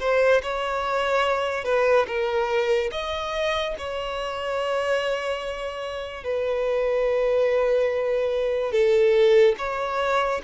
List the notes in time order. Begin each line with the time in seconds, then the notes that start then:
0.00 C5
0.42 C#5
1.64 B4
2.07 A#4
2.92 D#5
3.78 C#5
6.24 B4
8.72 A4
9.58 C#5